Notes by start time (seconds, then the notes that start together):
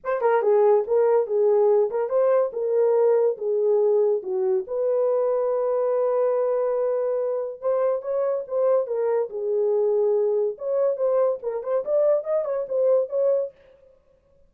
0.03 C5
0.21 A#4
0.41 G#4
0.87 A#4
1.26 G#4
1.90 A#4
2.09 C5
2.52 A#4
3.37 G#4
4.22 F#4
4.67 B4
7.61 C5
8.02 C#5
8.47 C5
8.87 A#4
9.29 G#4
10.57 C#5
10.96 C5
11.42 A#4
11.63 C5
11.84 D5
12.24 D#5
12.45 C#5
12.68 C5
13.09 C#5